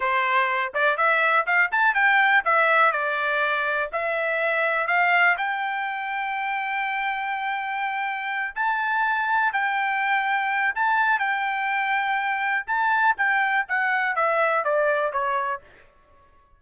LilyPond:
\new Staff \with { instrumentName = "trumpet" } { \time 4/4 \tempo 4 = 123 c''4. d''8 e''4 f''8 a''8 | g''4 e''4 d''2 | e''2 f''4 g''4~ | g''1~ |
g''4. a''2 g''8~ | g''2 a''4 g''4~ | g''2 a''4 g''4 | fis''4 e''4 d''4 cis''4 | }